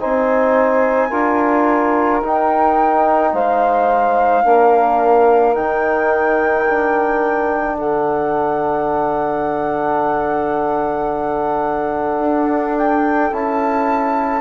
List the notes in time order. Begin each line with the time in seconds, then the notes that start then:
0.00 C4 D#4 C5 G#5
1.08 D4 F4 A#4
2.22 D#4 G5
3.33 G#3 C5 F5
4.44 A#3 D4 A#4
5.54 D#3 D#4 G5
6.66 D4
7.76 D3 A4 F#5
12.20 D4
12.78 G5
13.32 C#4 E4 A5